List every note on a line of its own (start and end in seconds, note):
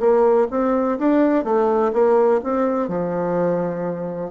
0.00 0.48 A#3
0.51 0.99 C4
0.99 1.45 D4
1.45 1.92 A3
1.93 2.41 A#3
2.43 2.88 C4
2.88 4.31 F3